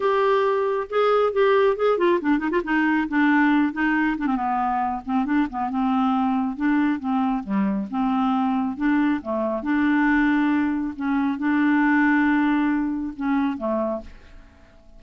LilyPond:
\new Staff \with { instrumentName = "clarinet" } { \time 4/4 \tempo 4 = 137 g'2 gis'4 g'4 | gis'8 f'8 d'8 dis'16 f'16 dis'4 d'4~ | d'8 dis'4 d'16 c'16 b4. c'8 | d'8 b8 c'2 d'4 |
c'4 g4 c'2 | d'4 a4 d'2~ | d'4 cis'4 d'2~ | d'2 cis'4 a4 | }